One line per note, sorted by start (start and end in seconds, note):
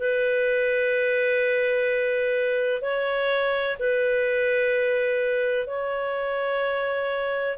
0.00 2.82 B4
2.82 3.77 C#5
3.80 5.68 B4
5.68 7.58 C#5